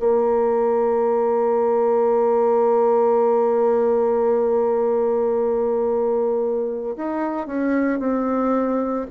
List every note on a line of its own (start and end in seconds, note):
0.00 6.96 A#3
6.97 7.47 D#4
7.47 8.00 C#4
8.00 9.07 C4